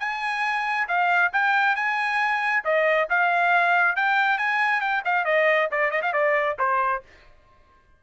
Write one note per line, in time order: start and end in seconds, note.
0.00 0.88 G#5
0.88 1.32 F5
1.33 1.76 G5
1.76 2.64 G#5
2.65 3.08 D#5
3.10 3.97 F5
3.97 4.38 G5
4.38 4.81 G#5
4.81 5.03 G5
5.05 5.25 F5
5.25 5.69 D#5
5.71 5.91 D5
5.91 6.02 D#5
6.02 6.13 F5
6.13 6.57 D5
6.59 7.03 C5